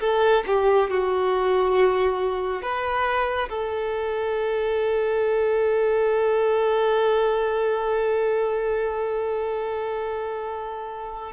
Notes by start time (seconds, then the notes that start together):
0.00 A4
0.46 G4
0.90 F#4
2.62 B4
3.49 A4